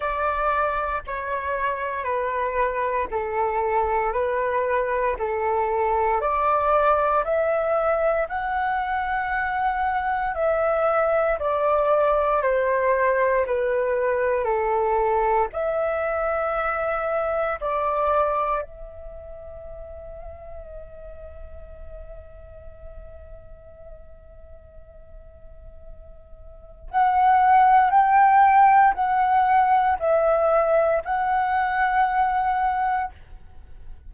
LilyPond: \new Staff \with { instrumentName = "flute" } { \time 4/4 \tempo 4 = 58 d''4 cis''4 b'4 a'4 | b'4 a'4 d''4 e''4 | fis''2 e''4 d''4 | c''4 b'4 a'4 e''4~ |
e''4 d''4 e''2~ | e''1~ | e''2 fis''4 g''4 | fis''4 e''4 fis''2 | }